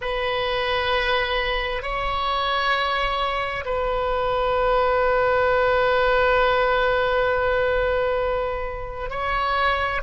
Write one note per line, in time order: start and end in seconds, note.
0.01 1.82 B4
1.82 3.64 C#5
3.65 9.10 B4
9.10 10.00 C#5